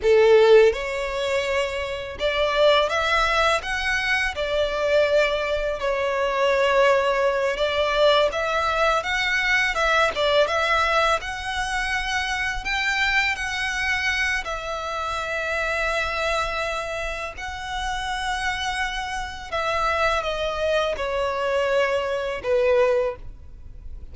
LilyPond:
\new Staff \with { instrumentName = "violin" } { \time 4/4 \tempo 4 = 83 a'4 cis''2 d''4 | e''4 fis''4 d''2 | cis''2~ cis''8 d''4 e''8~ | e''8 fis''4 e''8 d''8 e''4 fis''8~ |
fis''4. g''4 fis''4. | e''1 | fis''2. e''4 | dis''4 cis''2 b'4 | }